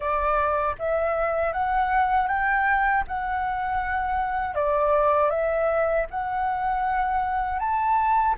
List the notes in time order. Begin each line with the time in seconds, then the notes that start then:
0.00 D5
0.78 E5
1.52 F#5
2.27 G5
3.07 F#5
4.55 D5
5.30 E5
6.10 F#5
7.59 A5